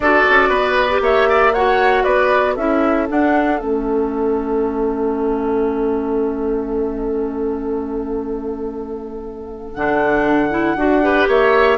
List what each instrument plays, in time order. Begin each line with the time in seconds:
0.00 bassoon D4, clarinet F#4, oboe A4, flute D5
0.29 bassoon C#4
0.48 bassoon B3, oboe B4
0.89 clarinet G4
1.00 bassoon A#3, oboe C#5, flute E5
1.28 oboe D5
1.53 clarinet F#4, oboe C#5, flute F#5
2.03 bassoon B3, oboe B4, flute D5
2.54 bassoon C#4, clarinet E4, oboe A4, flute E5
3.08 clarinet D4, bassoon D4, flute F#5
3.59 bassoon A3, clarinet C#4, flute E5
9.74 bassoon D3, clarinet D4, flute F#5
10.50 clarinet E4
10.76 bassoon D4, clarinet F#4
11.02 clarinet G4, oboe B4
11.27 bassoon A#3, oboe C#5, flute E5